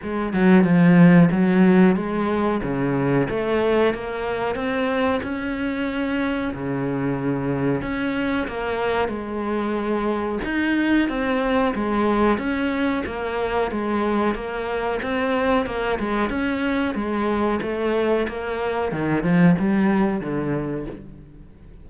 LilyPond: \new Staff \with { instrumentName = "cello" } { \time 4/4 \tempo 4 = 92 gis8 fis8 f4 fis4 gis4 | cis4 a4 ais4 c'4 | cis'2 cis2 | cis'4 ais4 gis2 |
dis'4 c'4 gis4 cis'4 | ais4 gis4 ais4 c'4 | ais8 gis8 cis'4 gis4 a4 | ais4 dis8 f8 g4 d4 | }